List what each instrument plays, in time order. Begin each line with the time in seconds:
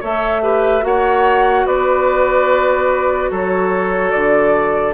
0.00 bassoon A3, clarinet A4, oboe C#5, flute E5
0.42 clarinet G4, oboe B4
0.81 bassoon A#3, clarinet F#4, oboe C#5, flute F#5
1.66 bassoon B3, oboe B4, flute D5
3.30 bassoon F#3, oboe A4, flute C#5
4.10 bassoon D3, flute D5